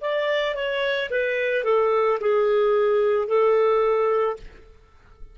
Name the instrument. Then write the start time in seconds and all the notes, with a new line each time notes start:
clarinet
0.00 D5
0.55 C#5
1.10 B4
1.64 A4
2.20 G#4
3.27 A4